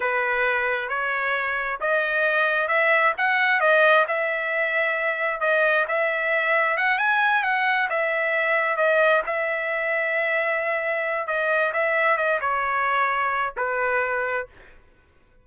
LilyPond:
\new Staff \with { instrumentName = "trumpet" } { \time 4/4 \tempo 4 = 133 b'2 cis''2 | dis''2 e''4 fis''4 | dis''4 e''2. | dis''4 e''2 fis''8 gis''8~ |
gis''8 fis''4 e''2 dis''8~ | dis''8 e''2.~ e''8~ | e''4 dis''4 e''4 dis''8 cis''8~ | cis''2 b'2 | }